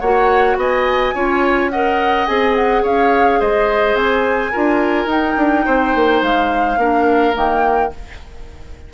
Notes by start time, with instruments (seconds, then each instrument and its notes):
0.00 bassoon A#3, clarinet F#4, oboe C#5, flute F#5
0.56 bassoon B3, oboe D#5, flute G#5
1.14 bassoon C#4, clarinet F4, oboe C#5
1.70 clarinet A#4, oboe D#5, flute F#5
2.26 bassoon C4, clarinet G#4, flute G#5
2.56 flute F#5
2.83 bassoon C#4, oboe C#5, flute F5
3.39 bassoon G#3, oboe C5, flute D#5
3.95 bassoon C4, flute G#5
4.52 bassoon D4, clarinet F4, oboe A#4
5.06 bassoon D#4, clarinet D#4, flute G5
5.37 bassoon D4
5.65 bassoon C4, oboe C5
5.95 bassoon A#3
6.22 bassoon G#3, flute F5
6.77 bassoon A#3, clarinet D4, oboe A#4
7.33 bassoon D#3, clarinet A#3, flute G5